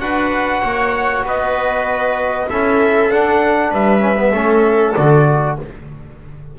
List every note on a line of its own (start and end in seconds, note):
0.00 0.62 D4
0.00 2.48 F#4
0.00 0.62 B4
0.00 1.24 F#5
0.62 1.24 A#3
0.62 1.24 C#5
1.24 2.47 B3
1.24 2.49 B4
1.24 2.49 D#5
2.49 3.11 C#4
2.49 3.11 E4
2.49 3.70 A4
2.49 3.11 E5
3.11 3.72 D4
3.11 4.00 D4
3.11 3.73 F#5
3.70 4.32 G3
3.70 4.32 B4
3.70 4.95 E5
4.00 4.15 C#4
4.16 4.32 B3
4.32 4.94 A3
4.32 4.97 C#4
4.32 5.55 A4
4.95 5.59 D3
4.95 5.59 F#4
4.95 5.57 D5